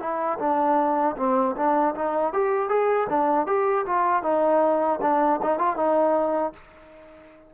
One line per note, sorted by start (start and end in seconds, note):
0.00 0.38 E4
0.40 1.16 D4
1.17 1.56 C4
1.57 1.95 D4
1.95 2.33 D#4
2.33 2.69 G4
2.69 3.08 G#4
3.09 3.47 D4
3.47 3.86 G4
3.86 4.23 F4
4.23 5.00 D#4
5.02 5.40 D4
5.43 5.59 D#4
5.59 5.77 F4
5.77 6.53 D#4